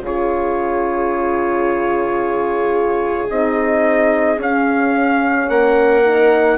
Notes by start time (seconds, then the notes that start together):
0.00 C#3 F4 G#4 C#5
3.29 C4 D#4 D#5
4.37 C#4 F5
5.49 A#3 A#4 F#5
6.04 D#4